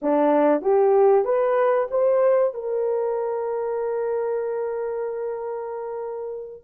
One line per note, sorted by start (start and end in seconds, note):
0.02 0.61 D4
0.61 1.24 G4
1.24 1.87 B4
1.91 2.53 C5
2.53 6.63 A#4